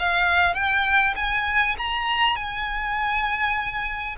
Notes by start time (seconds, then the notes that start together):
0.00 F5
0.55 G5
1.16 G#5
1.78 A#5
2.36 G#5